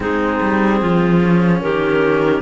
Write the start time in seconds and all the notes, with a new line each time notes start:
0.00 G#3 C4 D#4 G#4
0.41 G3
0.80 F3 F4
1.23 C#4
1.61 D#3 G4 A#4